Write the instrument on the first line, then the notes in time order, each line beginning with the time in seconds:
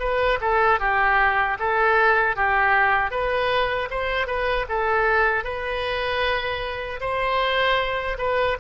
oboe
0.00 B4
0.41 A4
0.80 G4
1.60 A4
2.36 G4
3.11 B4
3.91 C5
4.27 B4
4.69 A4
5.44 B4
7.01 C5
8.19 B4